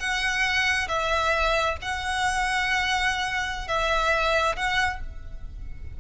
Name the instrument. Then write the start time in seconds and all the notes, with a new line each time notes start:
violin
0.00 F#5
0.88 E5
1.82 F#5
3.68 E5
4.56 F#5